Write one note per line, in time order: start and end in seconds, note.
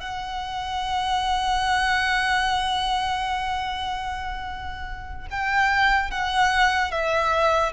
0.00 5.27 F#5
5.30 6.11 G5
6.11 6.91 F#5
6.91 7.72 E5